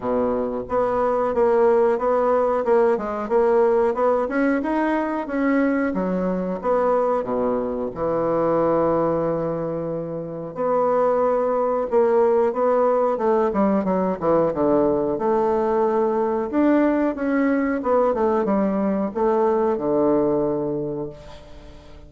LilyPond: \new Staff \with { instrumentName = "bassoon" } { \time 4/4 \tempo 4 = 91 b,4 b4 ais4 b4 | ais8 gis8 ais4 b8 cis'8 dis'4 | cis'4 fis4 b4 b,4 | e1 |
b2 ais4 b4 | a8 g8 fis8 e8 d4 a4~ | a4 d'4 cis'4 b8 a8 | g4 a4 d2 | }